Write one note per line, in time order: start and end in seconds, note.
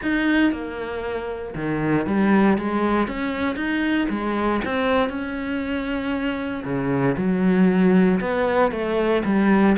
0.02 0.52 D#4
0.52 1.54 A#3
1.55 2.06 D#3
2.06 2.57 G3
2.58 3.07 G#3
3.07 3.56 C#4
3.56 4.07 D#4
4.09 4.60 G#3
4.64 5.09 C4
5.09 6.63 C#4
6.64 7.15 C#3
7.17 8.20 F#3
8.20 8.71 B3
8.71 9.22 A3
9.24 9.76 G3